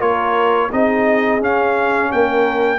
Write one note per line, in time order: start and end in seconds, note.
0.00 0.70 A#3
0.00 0.70 F4
0.00 0.70 A#4
0.00 0.71 C#5
0.72 1.40 C4
0.72 1.41 D#4
0.72 2.11 G#4
0.72 1.42 D#5
1.40 2.10 C#4
1.40 2.79 C#4
1.40 2.12 F5
2.12 2.79 A#3
2.12 2.79 A#4
2.12 2.79 G5